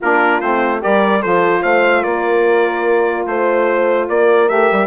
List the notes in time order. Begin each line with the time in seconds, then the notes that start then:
0.01 A#3 D4 F4 A#4
0.40 A3 C4 C5
0.79 G3 G4 A#4 D5
1.21 F3 F4 A4 C5
1.62 A3 C5 F5
2.02 A#3 A#4 D5
3.26 A3 C5
4.08 A#3 A#4 D5
4.47 A3 G4 E5
4.71 G3